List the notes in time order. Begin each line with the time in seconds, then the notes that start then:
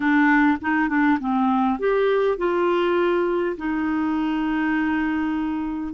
0.00 D4
0.61 D#4
0.88 D4
1.19 C4
1.79 G4
2.37 F4
3.57 D#4